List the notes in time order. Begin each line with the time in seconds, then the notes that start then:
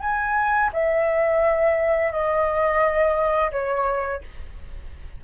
0.00 G#5
0.73 E5
2.12 D#5
3.51 C#5